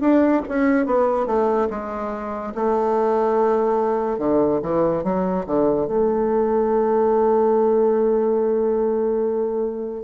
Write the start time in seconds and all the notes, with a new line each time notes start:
0.00 D4
0.48 C#4
0.86 B3
1.26 A3
1.69 G#3
2.55 A3
4.18 D3
4.62 E3
5.03 F#3
5.46 D3
5.87 A3